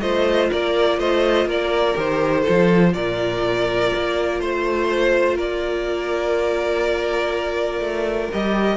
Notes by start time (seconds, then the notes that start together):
0.00 A3 F4 C5 D#5
0.50 A#3 A#4 D5
0.99 A3 C5 D#5
1.45 A#3 A#4 D5
1.94 D#3 G4 C5
2.41 F4 A4
2.49 F3
2.93 A#2 A#4 D5
3.95 A#3
4.39 A3 C5
5.35 A#3 A#4 D5
7.80 A3
8.32 G3 G4 D#5